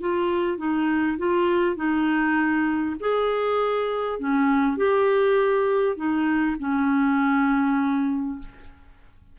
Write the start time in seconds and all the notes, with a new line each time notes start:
0.00 F4
0.57 D#4
1.18 F4
1.76 D#4
2.99 G#4
4.19 C#4
4.76 G4
5.96 D#4
6.59 C#4